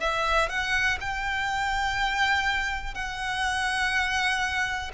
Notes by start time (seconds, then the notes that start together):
0.00 E5
0.50 F#5
1.01 G5
2.95 F#5